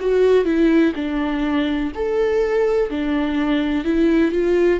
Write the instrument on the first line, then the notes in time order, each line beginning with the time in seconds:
viola
0.00 F#4
0.45 E4
0.95 D4
1.95 A4
2.90 D4
3.84 E4
4.32 F4